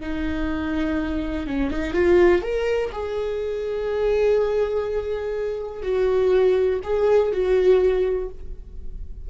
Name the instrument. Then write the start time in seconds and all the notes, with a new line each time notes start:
viola
0.00 D#4
1.47 C#4
1.71 D#4
1.93 F4
2.41 A#4
2.92 G#4
5.82 F#4
6.83 G#4
7.31 F#4